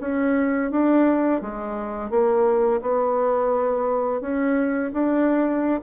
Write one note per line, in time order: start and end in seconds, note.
0.00 0.71 C#4
0.71 1.41 D4
1.41 2.10 G#3
2.10 2.81 A#3
2.81 4.21 B3
4.21 4.91 C#4
4.93 5.81 D4